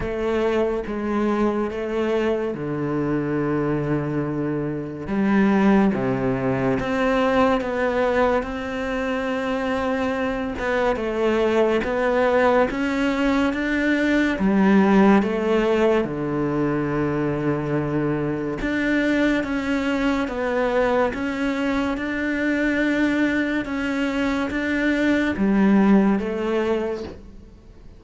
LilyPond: \new Staff \with { instrumentName = "cello" } { \time 4/4 \tempo 4 = 71 a4 gis4 a4 d4~ | d2 g4 c4 | c'4 b4 c'2~ | c'8 b8 a4 b4 cis'4 |
d'4 g4 a4 d4~ | d2 d'4 cis'4 | b4 cis'4 d'2 | cis'4 d'4 g4 a4 | }